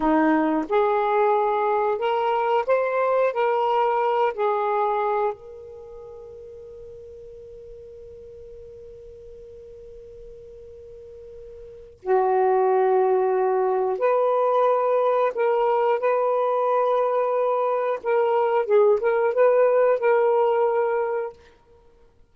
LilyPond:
\new Staff \with { instrumentName = "saxophone" } { \time 4/4 \tempo 4 = 90 dis'4 gis'2 ais'4 | c''4 ais'4. gis'4. | ais'1~ | ais'1~ |
ais'2 fis'2~ | fis'4 b'2 ais'4 | b'2. ais'4 | gis'8 ais'8 b'4 ais'2 | }